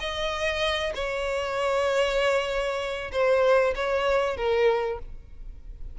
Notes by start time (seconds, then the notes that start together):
0.00 D#5
0.95 C#5
3.12 C5
3.75 C#5
4.37 A#4